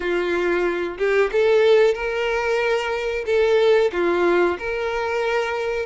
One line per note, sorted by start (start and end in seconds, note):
0.00 0.97 F4
0.98 1.30 G4
1.32 1.94 A4
1.94 3.24 A#4
3.26 3.91 A4
3.92 4.57 F4
4.58 5.85 A#4